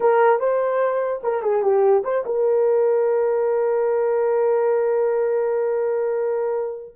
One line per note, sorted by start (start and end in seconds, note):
0.00 0.39 A#4
0.39 1.21 C5
1.23 1.42 A#4
1.42 1.62 G#4
1.62 2.03 G4
2.04 2.24 C5
2.25 6.95 A#4